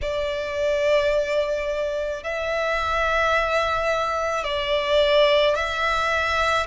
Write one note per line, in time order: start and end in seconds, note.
0.02 2.23 D5
2.23 4.43 E5
4.43 5.55 D5
5.55 6.66 E5